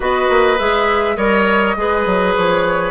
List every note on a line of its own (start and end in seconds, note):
0.00 0.28 B3
0.00 0.57 F#4
0.00 1.16 B4
0.00 0.58 D#5
0.29 0.59 A#3
0.58 1.16 G#3
0.58 1.16 G#4
0.58 1.16 E5
1.16 1.75 G3
1.16 1.75 A#4
1.16 1.75 C#5
1.16 2.33 D#5
1.76 2.06 G#3
1.76 2.91 G#4
1.76 2.91 B4
2.06 2.35 F#3
2.34 2.91 F3
2.34 2.91 C#5